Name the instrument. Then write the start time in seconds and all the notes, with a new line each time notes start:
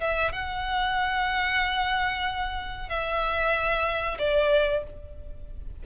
violin
0.00 E5
0.32 F#5
2.89 E5
4.18 D5